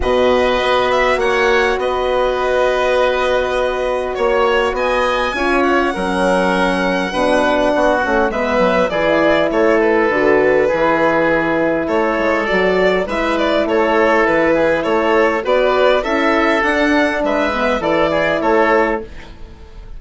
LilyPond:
<<
  \new Staff \with { instrumentName = "violin" } { \time 4/4 \tempo 4 = 101 dis''4. e''8 fis''4 dis''4~ | dis''2. cis''4 | gis''4. fis''2~ fis''8~ | fis''2 e''4 d''4 |
cis''8 b'2.~ b'8 | cis''4 d''4 e''8 d''8 cis''4 | b'4 cis''4 d''4 e''4 | fis''4 e''4 d''4 cis''4 | }
  \new Staff \with { instrumentName = "oboe" } { \time 4/4 b'2 cis''4 b'4~ | b'2. cis''4 | dis''4 cis''4 ais'2 | b'4 fis'4 b'4 gis'4 |
a'2 gis'2 | a'2 b'4 a'4~ | a'8 gis'8 a'4 b'4 a'4~ | a'4 b'4 a'8 gis'8 a'4 | }
  \new Staff \with { instrumentName = "horn" } { \time 4/4 fis'1~ | fis'1~ | fis'4 f'4 cis'2 | d'4. cis'8 b4 e'4~ |
e'4 fis'4 e'2~ | e'4 fis'4 e'2~ | e'2 fis'4 e'4 | d'4. b8 e'2 | }
  \new Staff \with { instrumentName = "bassoon" } { \time 4/4 b,4 b4 ais4 b4~ | b2. ais4 | b4 cis'4 fis2 | b,4 b8 a8 gis8 fis8 e4 |
a4 d4 e2 | a8 gis8 fis4 gis4 a4 | e4 a4 b4 cis'4 | d'4 gis4 e4 a4 | }
>>